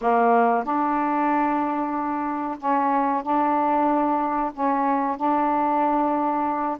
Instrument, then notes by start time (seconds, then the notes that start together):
saxophone
0.01 A#3
0.64 D4
2.58 C#4
3.23 D4
4.53 C#4
5.16 D4